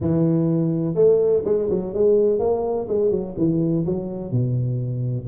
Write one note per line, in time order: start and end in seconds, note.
0.00 0.94 E3
0.94 1.42 A3
1.44 1.68 G#3
1.70 1.94 F#3
1.94 2.39 G#3
2.39 2.87 A#3
2.88 3.11 G#3
3.11 3.35 F#3
3.37 3.85 E3
3.86 4.31 F#3
4.31 5.27 B2